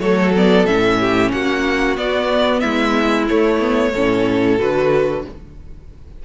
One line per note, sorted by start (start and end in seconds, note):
0.00 0.65 F#3
0.00 0.33 A3
0.00 0.99 A4
0.00 0.33 C#5
0.36 0.67 B3
0.36 0.66 D5
0.65 1.30 A2
0.65 1.97 C#4
0.65 1.31 E5
0.99 1.32 G4
1.31 1.97 A#3
1.31 2.61 F#4
1.31 1.96 F#5
1.97 3.27 B3
1.97 2.62 B3
1.97 2.60 D5
2.60 3.29 G#3
2.60 3.92 E4
2.60 3.25 E5
3.28 3.59 A3
3.28 3.94 A3
3.28 4.58 C#5
3.59 3.92 B3
3.92 4.59 A2
3.92 4.58 C#4
3.92 5.23 A4
4.58 5.25 D3
4.58 5.24 F#4
4.58 5.25 B4